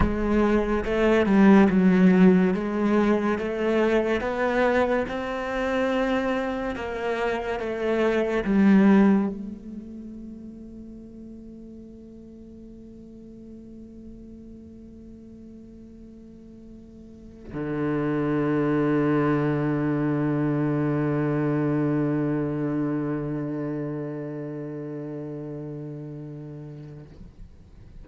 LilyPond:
\new Staff \with { instrumentName = "cello" } { \time 4/4 \tempo 4 = 71 gis4 a8 g8 fis4 gis4 | a4 b4 c'2 | ais4 a4 g4 a4~ | a1~ |
a1~ | a8. d2.~ d16~ | d1~ | d1 | }